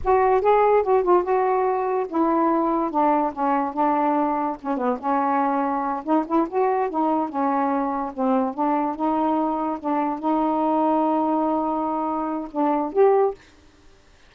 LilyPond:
\new Staff \with { instrumentName = "saxophone" } { \time 4/4 \tempo 4 = 144 fis'4 gis'4 fis'8 f'8 fis'4~ | fis'4 e'2 d'4 | cis'4 d'2 cis'8 b8 | cis'2~ cis'8 dis'8 e'8 fis'8~ |
fis'8 dis'4 cis'2 c'8~ | c'8 d'4 dis'2 d'8~ | d'8 dis'2.~ dis'8~ | dis'2 d'4 g'4 | }